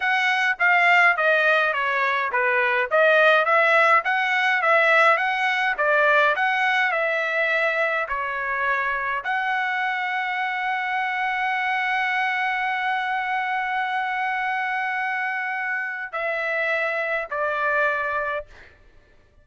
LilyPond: \new Staff \with { instrumentName = "trumpet" } { \time 4/4 \tempo 4 = 104 fis''4 f''4 dis''4 cis''4 | b'4 dis''4 e''4 fis''4 | e''4 fis''4 d''4 fis''4 | e''2 cis''2 |
fis''1~ | fis''1~ | fis''1 | e''2 d''2 | }